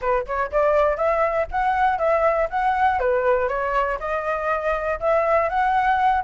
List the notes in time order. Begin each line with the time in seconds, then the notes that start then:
0.01 B4
0.26 C#5
0.51 D5
0.96 E5
1.51 F#5
1.98 E5
2.50 F#5
2.99 B4
3.48 C#5
3.99 D#5
5.00 E5
5.49 F#5